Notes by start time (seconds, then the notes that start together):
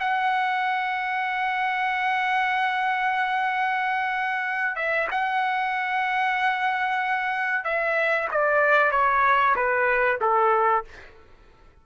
0.00 F#5
4.76 E5
5.11 F#5
7.64 E5
8.32 D5
8.92 C#5
9.56 B4
10.21 A4